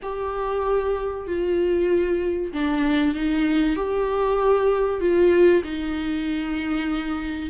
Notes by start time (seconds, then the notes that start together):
0.02 G4
1.27 F4
2.52 D4
3.14 D#4
3.76 G4
5.00 F4
5.63 D#4